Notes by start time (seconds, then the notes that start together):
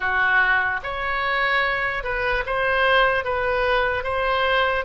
0.00 F#4
0.83 C#5
2.03 B4
2.45 C5
3.24 B4
4.03 C5